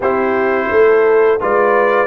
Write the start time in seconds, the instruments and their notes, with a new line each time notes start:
0.00 tuba C4, trombone E4, horn G4, trumpet C5
0.70 tuba A3, horn A4
1.40 tuba G#3, trombone F4, horn B4, trumpet D5